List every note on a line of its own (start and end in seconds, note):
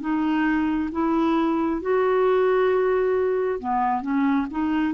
0.00 0.90 D#4
0.91 1.81 E4
1.81 3.59 F#4
3.59 4.01 B3
4.01 4.46 C#4
4.50 4.93 D#4